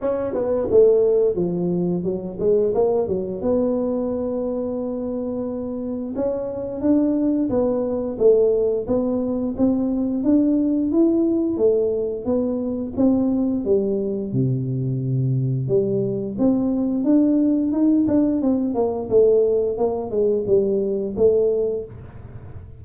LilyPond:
\new Staff \with { instrumentName = "tuba" } { \time 4/4 \tempo 4 = 88 cis'8 b8 a4 f4 fis8 gis8 | ais8 fis8 b2.~ | b4 cis'4 d'4 b4 | a4 b4 c'4 d'4 |
e'4 a4 b4 c'4 | g4 c2 g4 | c'4 d'4 dis'8 d'8 c'8 ais8 | a4 ais8 gis8 g4 a4 | }